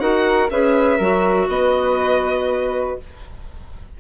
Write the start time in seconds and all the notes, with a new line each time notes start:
0.00 D#4 F#4 A#4 F#5
0.50 C#4 G#4 B4 E5
0.97 F#3 F#4 A#4
1.49 B3 B4 D#5